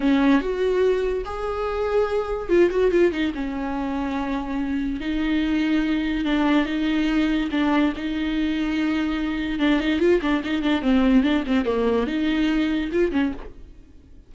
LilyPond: \new Staff \with { instrumentName = "viola" } { \time 4/4 \tempo 4 = 144 cis'4 fis'2 gis'4~ | gis'2 f'8 fis'8 f'8 dis'8 | cis'1 | dis'2. d'4 |
dis'2 d'4 dis'4~ | dis'2. d'8 dis'8 | f'8 d'8 dis'8 d'8 c'4 d'8 c'8 | ais4 dis'2 f'8 cis'8 | }